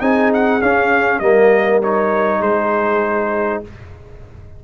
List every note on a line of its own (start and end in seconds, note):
0.00 0.61 C4
0.00 0.61 D#4
0.00 1.21 G#4
0.00 0.31 G#5
0.34 0.62 F#5
0.61 1.21 C#4
0.61 1.20 C#4
0.61 1.19 F5
1.19 2.41 G3
1.19 1.82 A#3
1.19 2.40 A#4
1.19 1.80 D#5
1.82 3.64 D#4
1.82 2.42 C#5
2.40 3.62 G#3
2.40 3.61 G#4
2.40 3.63 C5